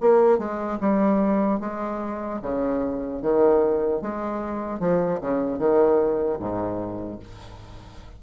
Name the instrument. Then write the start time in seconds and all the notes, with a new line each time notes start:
bassoon
0.00 A#3
0.38 G#3
0.80 G3
1.60 G#3
2.42 C#3
3.21 D#3
4.01 G#3
4.79 F3
5.20 C#3
5.58 D#3
6.39 G#2